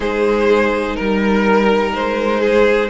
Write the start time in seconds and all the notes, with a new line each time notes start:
0.00 G#3 D#4 G#4 C5
0.96 G3 A#4
1.94 G#3 C5
2.40 G#4